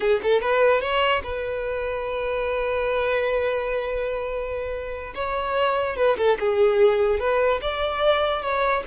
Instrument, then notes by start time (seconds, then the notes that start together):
violin
0.00 G#4
0.22 A4
0.41 B4
0.80 C#5
1.23 B4
5.14 C#5
5.96 B4
6.17 A4
6.39 G#4
7.19 B4
7.61 D5
8.42 C#5